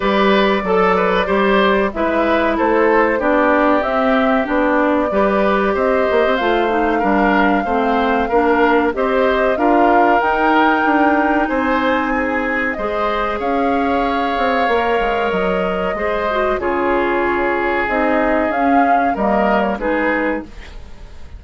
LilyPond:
<<
  \new Staff \with { instrumentName = "flute" } { \time 4/4 \tempo 4 = 94 d''2. e''4 | c''4 d''4 e''4 d''4~ | d''4 dis''4 f''2~ | f''2 dis''4 f''4 |
g''2 gis''2 | dis''4 f''2. | dis''2 cis''2 | dis''4 f''4 dis''8. cis''16 b'4 | }
  \new Staff \with { instrumentName = "oboe" } { \time 4/4 b'4 a'8 b'8 c''4 b'4 | a'4 g'2. | b'4 c''2 ais'4 | c''4 ais'4 c''4 ais'4~ |
ais'2 c''4 gis'4 | c''4 cis''2.~ | cis''4 c''4 gis'2~ | gis'2 ais'4 gis'4 | }
  \new Staff \with { instrumentName = "clarinet" } { \time 4/4 g'4 a'4 g'4 e'4~ | e'4 d'4 c'4 d'4 | g'2 f'8 dis'8 d'4 | c'4 d'4 g'4 f'4 |
dis'1 | gis'2. ais'4~ | ais'4 gis'8 fis'8 f'2 | dis'4 cis'4 ais4 dis'4 | }
  \new Staff \with { instrumentName = "bassoon" } { \time 4/4 g4 fis4 g4 gis4 | a4 b4 c'4 b4 | g4 c'8 ais16 c'16 a4 g4 | a4 ais4 c'4 d'4 |
dis'4 d'4 c'2 | gis4 cis'4. c'8 ais8 gis8 | fis4 gis4 cis2 | c'4 cis'4 g4 gis4 | }
>>